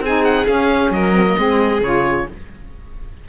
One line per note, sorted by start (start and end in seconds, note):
0.00 0.45 C4
0.00 0.47 D#4
0.00 0.93 G#4
0.00 0.24 G#5
0.24 0.46 F#5
0.47 1.14 C#4
0.47 0.90 C#4
0.47 0.92 F5
0.90 1.35 F#3
0.90 1.39 A#4
0.90 1.82 D#5
1.14 1.25 C4
1.27 1.38 A#3
1.38 1.81 G#3
1.38 1.83 C4
1.38 2.28 G#4
1.81 2.26 C#3
1.81 2.28 F4
1.81 2.28 C#5